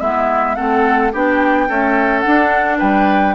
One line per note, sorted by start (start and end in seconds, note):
0.00 0.57 G#3
0.00 0.56 B3
0.00 0.56 E4
0.00 0.55 E5
0.55 1.14 A3
0.55 1.12 C4
0.55 1.12 A4
0.55 1.11 F#5
1.12 1.69 B3
1.12 1.69 D4
1.12 1.68 G4
1.12 2.20 G5
1.69 2.24 A3
1.69 2.25 C#4
1.69 2.78 A4
2.20 3.35 D4
2.20 2.76 F#5
2.27 2.81 D4
2.78 3.35 G3
2.78 3.34 B4
2.78 3.35 G5